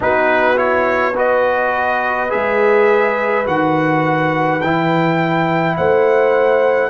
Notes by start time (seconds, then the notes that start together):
0.00 B3 D#4 F#4 B4
0.56 E4 C#5
1.14 F#4 B4 D#5
2.29 G#3 G#4 E5
3.45 D#3 F#4 F#5
4.60 E3 E4 G5
5.76 A3 C5 F#5